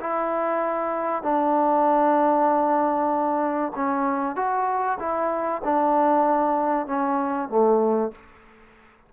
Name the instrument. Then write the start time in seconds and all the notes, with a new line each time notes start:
trombone
0.00 E4
1.22 D4
3.75 C#4
4.36 F#4
4.99 E4
5.64 D4
6.86 C#4
7.49 A3